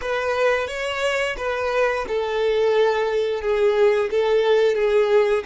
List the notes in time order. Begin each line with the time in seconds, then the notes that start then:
0.01 B4
0.67 C#5
1.37 B4
2.08 A4
3.41 G#4
4.11 A4
4.75 G#4